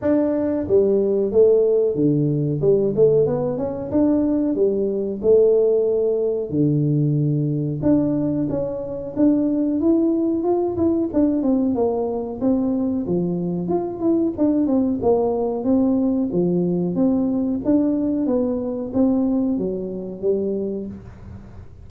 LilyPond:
\new Staff \with { instrumentName = "tuba" } { \time 4/4 \tempo 4 = 92 d'4 g4 a4 d4 | g8 a8 b8 cis'8 d'4 g4 | a2 d2 | d'4 cis'4 d'4 e'4 |
f'8 e'8 d'8 c'8 ais4 c'4 | f4 f'8 e'8 d'8 c'8 ais4 | c'4 f4 c'4 d'4 | b4 c'4 fis4 g4 | }